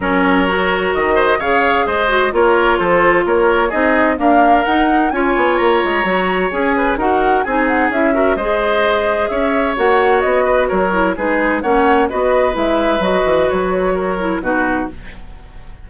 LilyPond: <<
  \new Staff \with { instrumentName = "flute" } { \time 4/4 \tempo 4 = 129 cis''2 dis''4 f''4 | dis''4 cis''4 c''4 cis''4 | dis''4 f''4 fis''4 gis''4 | ais''2 gis''4 fis''4 |
gis''8 fis''8 e''4 dis''2 | e''4 fis''4 dis''4 cis''4 | b'4 fis''4 dis''4 e''4 | dis''4 cis''2 b'4 | }
  \new Staff \with { instrumentName = "oboe" } { \time 4/4 ais'2~ ais'8 c''8 cis''4 | c''4 ais'4 a'4 ais'4 | gis'4 ais'2 cis''4~ | cis''2~ cis''8 b'8 ais'4 |
gis'4. ais'8 c''2 | cis''2~ cis''8 b'8 ais'4 | gis'4 cis''4 b'2~ | b'2 ais'4 fis'4 | }
  \new Staff \with { instrumentName = "clarinet" } { \time 4/4 cis'4 fis'2 gis'4~ | gis'8 fis'8 f'2. | dis'4 ais4 dis'4 f'4~ | f'4 fis'4 gis'4 fis'4 |
dis'4 e'8 fis'8 gis'2~ | gis'4 fis'2~ fis'8 e'8 | dis'4 cis'4 fis'4 e'4 | fis'2~ fis'8 e'8 dis'4 | }
  \new Staff \with { instrumentName = "bassoon" } { \time 4/4 fis2 dis4 cis4 | gis4 ais4 f4 ais4 | c'4 d'4 dis'4 cis'8 b8 | ais8 gis8 fis4 cis'4 dis'4 |
c'4 cis'4 gis2 | cis'4 ais4 b4 fis4 | gis4 ais4 b4 gis4 | fis8 e8 fis2 b,4 | }
>>